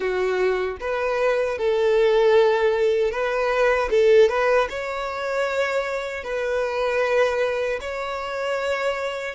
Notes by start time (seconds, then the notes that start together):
0.00 F#4
0.80 B4
1.58 A4
3.11 B4
3.90 A4
4.29 B4
4.69 C#5
6.23 B4
7.80 C#5